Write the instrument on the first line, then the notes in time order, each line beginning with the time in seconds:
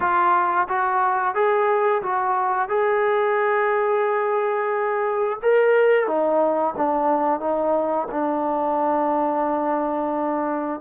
trombone
0.00 F4
0.68 F#4
1.34 G#4
2.02 F#4
2.68 G#4
5.42 A#4
6.07 D#4
6.76 D4
7.40 D#4
8.11 D4